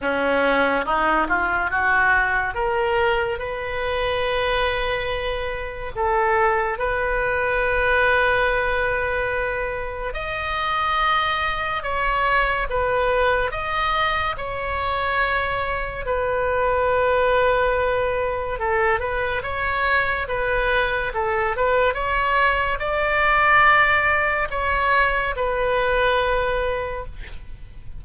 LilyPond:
\new Staff \with { instrumentName = "oboe" } { \time 4/4 \tempo 4 = 71 cis'4 dis'8 f'8 fis'4 ais'4 | b'2. a'4 | b'1 | dis''2 cis''4 b'4 |
dis''4 cis''2 b'4~ | b'2 a'8 b'8 cis''4 | b'4 a'8 b'8 cis''4 d''4~ | d''4 cis''4 b'2 | }